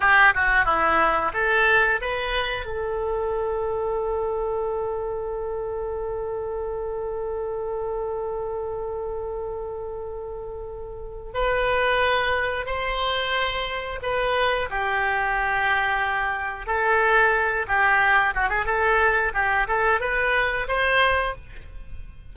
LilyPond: \new Staff \with { instrumentName = "oboe" } { \time 4/4 \tempo 4 = 90 g'8 fis'8 e'4 a'4 b'4 | a'1~ | a'1~ | a'1~ |
a'4 b'2 c''4~ | c''4 b'4 g'2~ | g'4 a'4. g'4 fis'16 gis'16 | a'4 g'8 a'8 b'4 c''4 | }